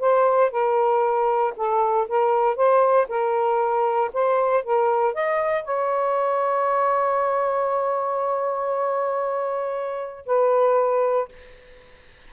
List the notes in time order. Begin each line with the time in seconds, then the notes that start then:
0.00 C5
0.51 A#4
1.56 A4
2.08 A#4
2.56 C5
3.08 A#4
4.14 C5
4.64 A#4
5.14 D#5
5.64 C#5
10.26 B4